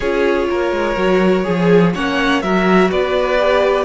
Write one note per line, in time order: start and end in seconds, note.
0.00 0.49 C#4
0.00 0.96 F4
0.00 0.47 G#4
0.00 1.94 C#5
0.50 0.71 A#3
0.50 1.45 A#4
0.71 0.95 G#3
0.96 1.45 F#3
0.96 1.44 F#4
1.44 1.95 F3
1.44 1.92 G#4
1.44 1.93 G#4
1.94 2.42 A#3
1.94 2.43 C#4
1.94 2.42 C#5
1.94 2.42 F#5
2.42 2.91 F#3
2.42 3.38 F#4
2.42 2.91 A#4
2.42 2.90 E5
2.91 3.84 B3
2.91 3.84 B4
2.91 3.84 D5
3.38 3.84 G4